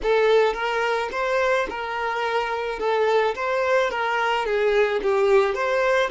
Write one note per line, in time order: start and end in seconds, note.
0.02 0.53 A4
0.53 1.09 A#4
1.11 1.67 C5
1.69 2.79 A#4
2.79 3.34 A4
3.35 3.90 C5
3.90 4.45 A#4
4.45 5.01 G#4
5.02 5.54 G4
5.54 6.10 C5